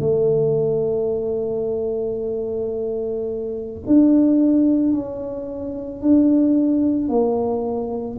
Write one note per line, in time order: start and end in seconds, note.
0.00 3.82 A3
3.87 4.93 D4
4.93 6.02 C#4
6.02 7.09 D4
7.09 8.18 A#3